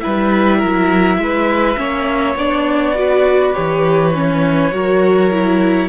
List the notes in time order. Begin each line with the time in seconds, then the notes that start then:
0.00 G3 E4 B4 E5
0.58 F#3 A#4
1.18 G#3 B4
1.76 A#3 C#4 C#5
2.35 B3 D4 D5
2.94 F#4 B4
3.53 E3 G4 C#5
4.14 C#4
4.71 F#3 F#4 A#4
5.31 E4